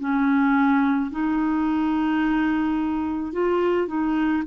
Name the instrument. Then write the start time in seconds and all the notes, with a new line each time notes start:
clarinet
0.00 C#4
1.12 D#4
3.33 F4
3.88 D#4